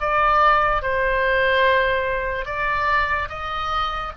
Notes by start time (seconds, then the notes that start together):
0.00 D5
0.82 C5
2.45 D5
3.29 D#5